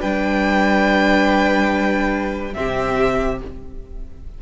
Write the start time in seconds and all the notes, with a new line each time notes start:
0.00 G3 D4 B4 G5
2.53 C3 C4 G4 E5